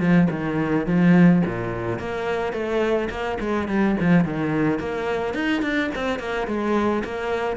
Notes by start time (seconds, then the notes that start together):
0.00 F3
0.31 D#3
0.87 F3
1.45 A#2
1.99 A#3
2.53 A3
3.10 A#3
3.40 G#3
3.68 G3
4.01 F3
4.25 D#3
4.79 A#3
5.34 D#4
5.62 D4
5.95 C4
6.19 A#3
6.47 G#3
7.05 A#3